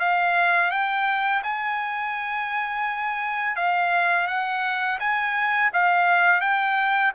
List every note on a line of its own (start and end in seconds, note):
0.00 0.71 F5
0.71 1.43 G5
1.44 3.56 G#5
3.56 4.28 F5
4.28 4.99 F#5
5.00 5.71 G#5
5.74 6.41 F5
6.41 7.12 G5